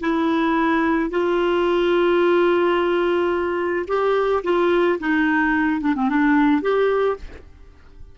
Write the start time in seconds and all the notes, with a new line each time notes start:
0.00 E4
1.10 F4
3.87 G4
4.43 F4
4.99 D#4
5.80 D4
5.95 C4
6.09 D4
6.62 G4